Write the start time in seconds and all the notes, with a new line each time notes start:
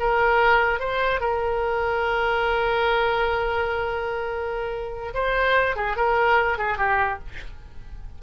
0.00 A#4
0.80 C5
1.21 A#4
5.14 C5
5.76 G#4
5.97 A#4
6.58 G#4
6.78 G4